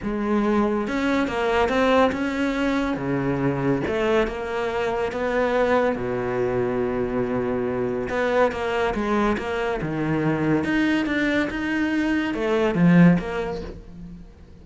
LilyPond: \new Staff \with { instrumentName = "cello" } { \time 4/4 \tempo 4 = 141 gis2 cis'4 ais4 | c'4 cis'2 cis4~ | cis4 a4 ais2 | b2 b,2~ |
b,2. b4 | ais4 gis4 ais4 dis4~ | dis4 dis'4 d'4 dis'4~ | dis'4 a4 f4 ais4 | }